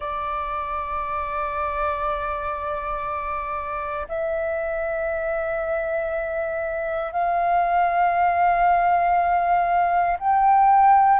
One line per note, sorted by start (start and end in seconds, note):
0.00 4.07 D5
4.08 7.12 E5
7.12 10.17 F5
10.19 11.20 G5